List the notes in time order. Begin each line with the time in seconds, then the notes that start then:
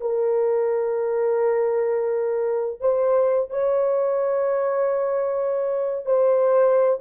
0.00 A#4
2.80 C5
3.50 C#5
6.06 C5